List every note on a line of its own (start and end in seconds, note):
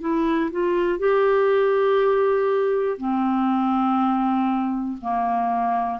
0.00 0.50 E4
0.51 0.99 F4
0.99 2.97 G4
2.97 4.97 C4
5.01 5.99 A#3